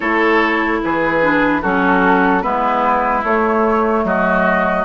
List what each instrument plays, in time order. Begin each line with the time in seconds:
0.00 bassoon A3, clarinet E4, oboe A4, flute C#5
0.83 bassoon E3, oboe G#4, flute B4
1.21 clarinet D4
1.61 bassoon F#3, clarinet C#4, oboe F#4, flute A4
2.41 bassoon G#3, clarinet B3, oboe E4, flute B4
3.23 bassoon A3, clarinet A3, flute C#5
4.04 bassoon F#3, oboe F#4, flute D#5